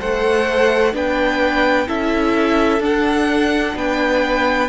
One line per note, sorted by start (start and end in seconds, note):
0.00 0.94 A3
0.00 0.93 A4
0.00 0.94 C5
0.00 0.95 F#5
0.93 1.88 B3
0.93 1.87 D4
0.93 1.88 B4
0.93 1.89 G5
1.88 2.80 C#4
1.88 2.81 E4
1.88 3.75 A4
1.88 2.83 E5
2.80 3.74 D4
2.80 4.69 D4
2.80 3.78 F#5
3.76 4.69 B3
3.76 4.69 B4
3.76 4.69 G5